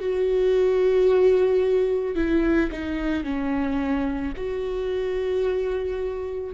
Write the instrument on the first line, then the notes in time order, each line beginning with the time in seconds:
viola
0.00 F#4
2.16 E4
2.72 D#4
3.24 C#4
4.37 F#4